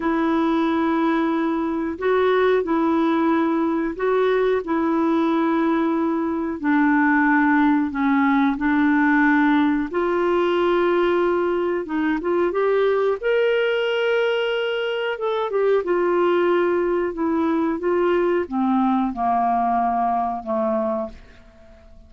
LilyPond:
\new Staff \with { instrumentName = "clarinet" } { \time 4/4 \tempo 4 = 91 e'2. fis'4 | e'2 fis'4 e'4~ | e'2 d'2 | cis'4 d'2 f'4~ |
f'2 dis'8 f'8 g'4 | ais'2. a'8 g'8 | f'2 e'4 f'4 | c'4 ais2 a4 | }